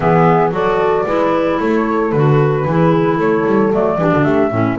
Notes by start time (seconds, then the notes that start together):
0.00 E3 B3 G#4 E5
0.51 F#3 F#4 A4 D5
1.05 G#3 E4 B4
1.60 A3 A4 C#5
2.11 D3 F#4 B4
2.65 E3 E4 G#4
3.16 A3 A4 C#5
3.46 G3
3.72 F#3 A3 D5
3.98 E3 D4 G4
4.12 D3 F#4
4.24 A3 G4 E5
4.51 A2 C#4 E4